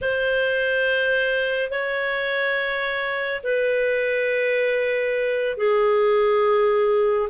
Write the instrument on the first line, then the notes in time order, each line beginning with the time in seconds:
clarinet
0.01 C5
1.70 C#5
3.43 B4
5.57 G#4